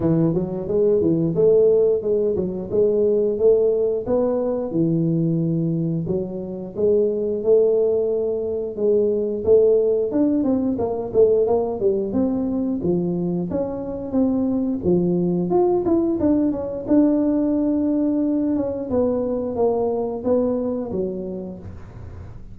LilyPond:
\new Staff \with { instrumentName = "tuba" } { \time 4/4 \tempo 4 = 89 e8 fis8 gis8 e8 a4 gis8 fis8 | gis4 a4 b4 e4~ | e4 fis4 gis4 a4~ | a4 gis4 a4 d'8 c'8 |
ais8 a8 ais8 g8 c'4 f4 | cis'4 c'4 f4 f'8 e'8 | d'8 cis'8 d'2~ d'8 cis'8 | b4 ais4 b4 fis4 | }